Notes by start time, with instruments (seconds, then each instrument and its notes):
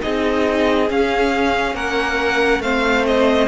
0.00 cello C4, viola D#4, violin G#4 D#5
0.89 viola C#4, cello C#4, violin F5
1.74 cello A#3, violin A#4 F#5
2.60 cello A3, viola C4, violin C5 F5
3.06 violin D#5